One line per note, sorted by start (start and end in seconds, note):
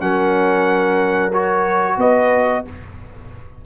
0.00 1.98 F#3
0.00 1.32 C#4
0.00 1.99 A#4
0.00 1.33 F#5
1.33 2.65 F#4
1.33 1.99 C#5
1.98 2.64 B3
1.98 2.65 B4
1.98 2.66 D#5